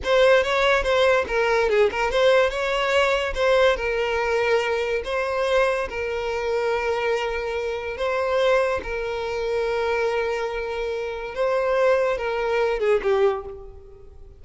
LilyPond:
\new Staff \with { instrumentName = "violin" } { \time 4/4 \tempo 4 = 143 c''4 cis''4 c''4 ais'4 | gis'8 ais'8 c''4 cis''2 | c''4 ais'2. | c''2 ais'2~ |
ais'2. c''4~ | c''4 ais'2.~ | ais'2. c''4~ | c''4 ais'4. gis'8 g'4 | }